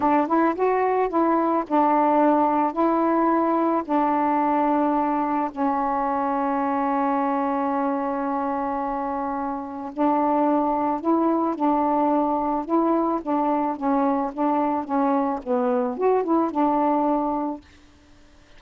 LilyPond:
\new Staff \with { instrumentName = "saxophone" } { \time 4/4 \tempo 4 = 109 d'8 e'8 fis'4 e'4 d'4~ | d'4 e'2 d'4~ | d'2 cis'2~ | cis'1~ |
cis'2 d'2 | e'4 d'2 e'4 | d'4 cis'4 d'4 cis'4 | b4 fis'8 e'8 d'2 | }